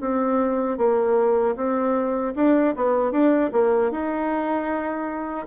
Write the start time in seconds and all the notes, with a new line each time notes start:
0.00 C4
0.77 A#3
1.55 C4
2.35 D4
2.76 B3
3.11 D4
3.52 A#3
3.91 D#4